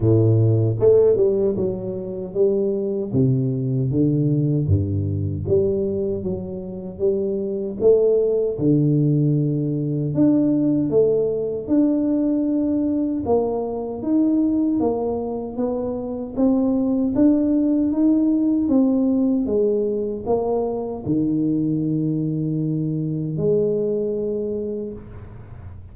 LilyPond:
\new Staff \with { instrumentName = "tuba" } { \time 4/4 \tempo 4 = 77 a,4 a8 g8 fis4 g4 | c4 d4 g,4 g4 | fis4 g4 a4 d4~ | d4 d'4 a4 d'4~ |
d'4 ais4 dis'4 ais4 | b4 c'4 d'4 dis'4 | c'4 gis4 ais4 dis4~ | dis2 gis2 | }